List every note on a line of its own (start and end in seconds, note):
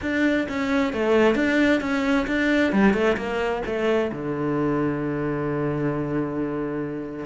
0.01 0.47 D4
0.48 0.93 C#4
0.93 1.35 A3
1.35 1.80 D4
1.81 2.26 C#4
2.27 2.72 D4
2.72 2.93 G3
2.93 3.16 A3
3.17 3.62 A#3
3.65 4.11 A3
4.12 7.25 D3